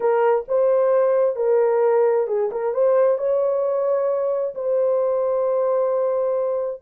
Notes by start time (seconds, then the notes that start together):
0.00 A#4
0.48 C5
1.36 A#4
2.27 G#4
2.51 A#4
2.74 C5
3.18 C#5
4.55 C5